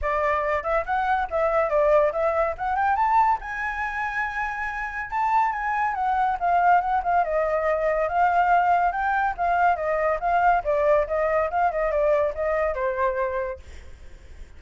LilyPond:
\new Staff \with { instrumentName = "flute" } { \time 4/4 \tempo 4 = 141 d''4. e''8 fis''4 e''4 | d''4 e''4 fis''8 g''8 a''4 | gis''1 | a''4 gis''4 fis''4 f''4 |
fis''8 f''8 dis''2 f''4~ | f''4 g''4 f''4 dis''4 | f''4 d''4 dis''4 f''8 dis''8 | d''4 dis''4 c''2 | }